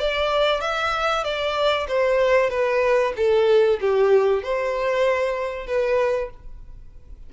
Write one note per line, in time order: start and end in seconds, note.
0.00 0.61 D5
0.61 1.24 E5
1.24 1.87 D5
1.88 2.51 C5
2.51 3.14 B4
3.17 3.80 A4
3.81 4.43 G4
4.43 5.67 C5
5.67 6.30 B4